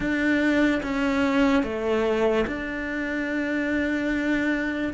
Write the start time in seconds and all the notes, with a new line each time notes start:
0.00 D4
0.83 C#4
1.63 A3
2.46 D4